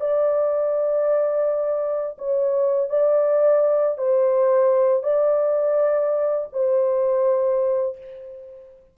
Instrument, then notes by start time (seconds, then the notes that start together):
horn
0.00 D5
2.18 C#5
2.89 D5
3.98 C5
5.03 D5
6.53 C5